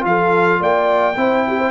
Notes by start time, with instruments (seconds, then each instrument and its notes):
0.00 tuba F3, trombone F4, trumpet F5
0.07 horn A4
0.60 tuba A#3, horn D5, trumpet G5
1.16 tuba C4, trombone E4, horn C5
1.48 horn G4
1.58 horn C5